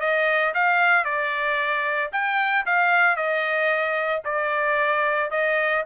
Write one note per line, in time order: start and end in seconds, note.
0.00 0.53 D#5
0.54 1.05 F5
1.05 2.11 D5
2.12 2.65 G5
2.66 3.16 F5
3.16 4.23 D#5
4.24 5.30 D5
5.31 5.84 D#5